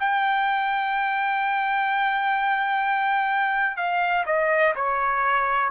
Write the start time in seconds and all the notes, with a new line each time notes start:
0.00 G5
3.77 F5
4.26 D#5
4.76 C#5